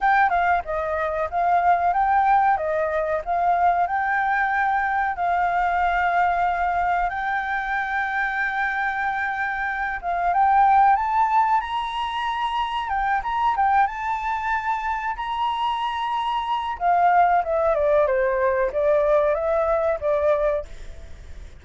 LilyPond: \new Staff \with { instrumentName = "flute" } { \time 4/4 \tempo 4 = 93 g''8 f''8 dis''4 f''4 g''4 | dis''4 f''4 g''2 | f''2. g''4~ | g''2.~ g''8 f''8 |
g''4 a''4 ais''2 | g''8 ais''8 g''8 a''2 ais''8~ | ais''2 f''4 e''8 d''8 | c''4 d''4 e''4 d''4 | }